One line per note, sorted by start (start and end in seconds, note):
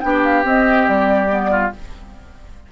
0.00 0.44 B3
0.00 0.44 D4
0.00 1.50 G4
0.00 0.21 G5
0.24 0.45 F5
0.44 1.28 C4
0.44 0.86 C4
0.44 0.88 D#5
0.88 1.72 G3
0.88 1.72 D5
1.29 1.71 B3
1.50 1.71 F4